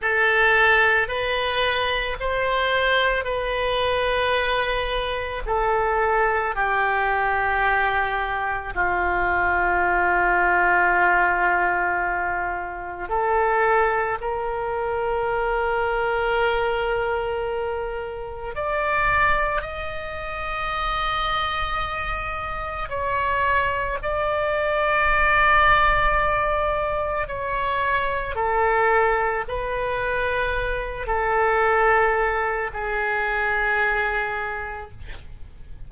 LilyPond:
\new Staff \with { instrumentName = "oboe" } { \time 4/4 \tempo 4 = 55 a'4 b'4 c''4 b'4~ | b'4 a'4 g'2 | f'1 | a'4 ais'2.~ |
ais'4 d''4 dis''2~ | dis''4 cis''4 d''2~ | d''4 cis''4 a'4 b'4~ | b'8 a'4. gis'2 | }